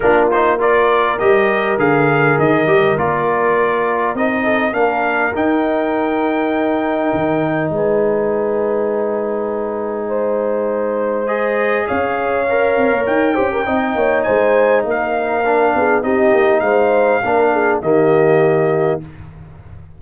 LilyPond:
<<
  \new Staff \with { instrumentName = "trumpet" } { \time 4/4 \tempo 4 = 101 ais'8 c''8 d''4 dis''4 f''4 | dis''4 d''2 dis''4 | f''4 g''2.~ | g''4 gis''2.~ |
gis''2. dis''4 | f''2 g''2 | gis''4 f''2 dis''4 | f''2 dis''2 | }
  \new Staff \with { instrumentName = "horn" } { \time 4/4 f'4 ais'2.~ | ais'2.~ ais'8 a'8 | ais'1~ | ais'4 b'2.~ |
b'4 c''2. | cis''2~ cis''8 c''16 ais'16 dis''8 cis''8 | c''4 ais'4. gis'8 g'4 | c''4 ais'8 gis'8 g'2 | }
  \new Staff \with { instrumentName = "trombone" } { \time 4/4 d'8 dis'8 f'4 g'4 gis'4~ | gis'8 g'8 f'2 dis'4 | d'4 dis'2.~ | dis'1~ |
dis'2. gis'4~ | gis'4 ais'4. g'8 dis'4~ | dis'2 d'4 dis'4~ | dis'4 d'4 ais2 | }
  \new Staff \with { instrumentName = "tuba" } { \time 4/4 ais2 g4 d4 | dis8 g8 ais2 c'4 | ais4 dis'2. | dis4 gis2.~ |
gis1 | cis'4. c'16 ais16 dis'8 cis'8 c'8 ais8 | gis4 ais4. b8 c'8 ais8 | gis4 ais4 dis2 | }
>>